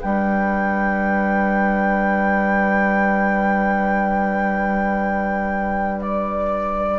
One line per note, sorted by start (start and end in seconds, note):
0.00 6.99 G3
0.00 6.99 D4
0.00 6.99 B4
0.00 6.01 G5
6.01 6.99 D5